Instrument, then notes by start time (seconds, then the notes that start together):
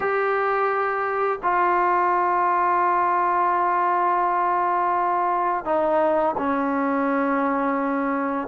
trombone
0.00 G4
1.42 F4
5.64 D#4
6.37 C#4